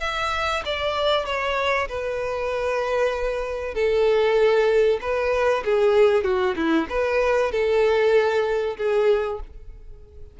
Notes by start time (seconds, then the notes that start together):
0.00 E5
0.65 D5
1.26 C#5
1.88 B4
3.74 A4
5.01 B4
5.65 G#4
6.24 F#4
6.56 E4
6.89 B4
7.52 A4
8.77 G#4